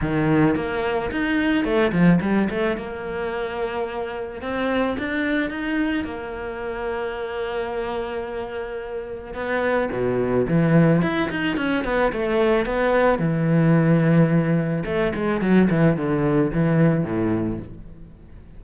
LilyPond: \new Staff \with { instrumentName = "cello" } { \time 4/4 \tempo 4 = 109 dis4 ais4 dis'4 a8 f8 | g8 a8 ais2. | c'4 d'4 dis'4 ais4~ | ais1~ |
ais4 b4 b,4 e4 | e'8 dis'8 cis'8 b8 a4 b4 | e2. a8 gis8 | fis8 e8 d4 e4 a,4 | }